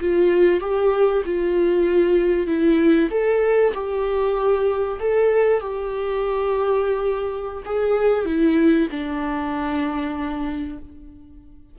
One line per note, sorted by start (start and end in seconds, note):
0.00 0.60 F4
0.60 1.23 G4
1.25 2.47 F4
2.47 3.09 E4
3.10 3.73 A4
3.74 4.99 G4
4.99 5.60 A4
5.60 7.63 G4
7.65 8.25 G#4
8.25 8.88 E4
8.91 10.78 D4